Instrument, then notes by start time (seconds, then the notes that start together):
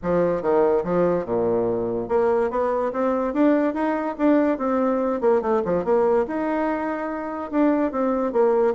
bassoon
0.02 F3
0.42 D#3
0.83 F3
1.25 A#2
2.08 A#3
2.50 B3
2.92 C4
3.33 D4
3.73 D#4
4.18 D4
4.58 C4
5.20 A#3
5.41 A3
5.65 F3
5.84 A#3
6.27 D#4
7.51 D4
7.91 C4
8.32 A#3